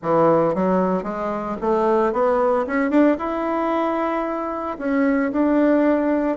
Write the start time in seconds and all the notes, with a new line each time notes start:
0.02 E3
0.55 F#3
1.03 G#3
1.61 A3
2.12 B3
2.67 C#4
2.90 D4
3.18 E4
4.78 C#4
5.32 D4